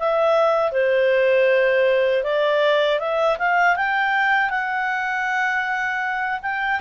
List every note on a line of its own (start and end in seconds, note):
0.00 0.72 E5
0.72 2.24 C5
2.24 3.00 D5
3.00 3.38 E5
3.39 3.77 F5
3.77 4.50 G5
4.50 6.40 F#5
6.43 6.81 G5